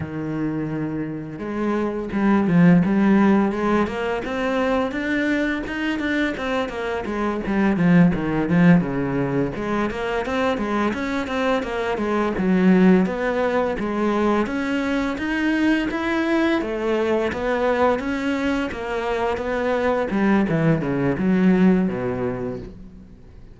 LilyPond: \new Staff \with { instrumentName = "cello" } { \time 4/4 \tempo 4 = 85 dis2 gis4 g8 f8 | g4 gis8 ais8 c'4 d'4 | dis'8 d'8 c'8 ais8 gis8 g8 f8 dis8 | f8 cis4 gis8 ais8 c'8 gis8 cis'8 |
c'8 ais8 gis8 fis4 b4 gis8~ | gis8 cis'4 dis'4 e'4 a8~ | a8 b4 cis'4 ais4 b8~ | b8 g8 e8 cis8 fis4 b,4 | }